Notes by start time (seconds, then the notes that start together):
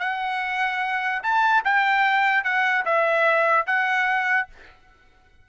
0.00 F#5
1.23 A5
1.65 G5
2.44 F#5
2.86 E5
3.67 F#5